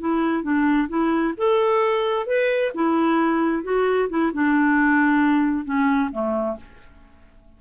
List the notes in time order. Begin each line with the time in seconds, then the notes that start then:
0.00 E4
0.43 D4
0.88 E4
1.37 A4
2.26 B4
2.74 E4
3.63 F#4
4.09 E4
4.33 D4
5.65 C#4
6.11 A3